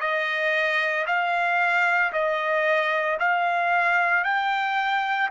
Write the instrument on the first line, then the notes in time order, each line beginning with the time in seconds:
trumpet
0.00 D#5
1.07 F5
2.12 D#5
3.19 F5
4.24 G5